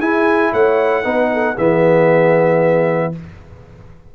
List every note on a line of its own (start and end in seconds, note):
0.00 0.52 E4
0.00 1.04 E4
0.00 0.52 G#4
0.00 0.53 G#5
0.52 1.05 A3
0.52 1.04 C#5
0.52 1.58 F#5
1.04 1.57 B3
1.04 1.56 D#4
1.04 1.31 B4
1.33 1.55 A4
1.55 3.15 E3
1.55 3.13 B3
1.55 3.11 G#4
1.55 3.14 E5